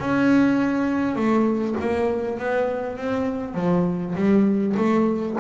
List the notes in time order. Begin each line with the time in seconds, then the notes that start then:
0.00 C#4
1.16 A3
1.81 A#3
2.39 B3
2.98 C4
3.55 F3
4.16 G3
4.77 A3